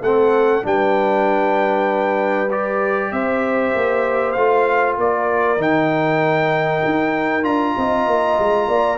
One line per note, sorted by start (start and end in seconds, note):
0.00 0.62 A3
0.00 0.62 C4
0.00 0.65 A4
0.00 0.64 F#5
0.62 3.11 G3
0.62 2.48 D4
0.62 3.12 B4
0.62 2.50 G5
2.50 4.35 G4
2.50 3.12 D5
3.11 3.73 C4
3.11 4.98 C5
3.11 4.31 E5
3.74 4.36 A#3
4.31 4.97 A3
4.31 5.57 F4
4.31 4.93 F5
4.97 5.57 A#3
4.97 7.77 A#4
4.97 5.61 D5
5.57 6.81 D#3
5.57 7.42 D#4
5.57 7.44 G5
6.85 7.43 D#4
7.42 7.74 D4
7.42 8.97 F4
7.42 8.98 A#5
7.76 8.07 C4
7.76 8.68 D#5
8.07 8.37 A#3
8.38 8.67 G#3
8.67 8.98 A#3
8.67 8.98 D5